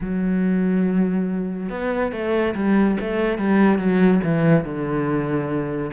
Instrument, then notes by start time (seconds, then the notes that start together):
cello
0.00 F#3
1.69 B3
2.12 A3
2.55 G3
3.00 A3
3.38 G3
3.78 F#3
4.23 E3
4.64 D3